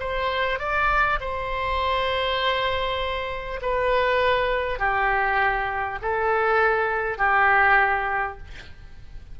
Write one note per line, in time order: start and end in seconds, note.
0.00 0.59 C5
0.59 1.19 D5
1.21 3.61 C5
3.62 4.79 B4
4.79 5.99 G4
6.02 7.18 A4
7.18 8.38 G4